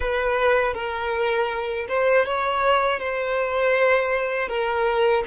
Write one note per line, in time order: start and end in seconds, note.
0.00 0.74 B4
0.74 1.86 A#4
1.88 2.25 C5
2.25 2.99 C#5
2.99 4.48 C5
4.48 5.23 A#4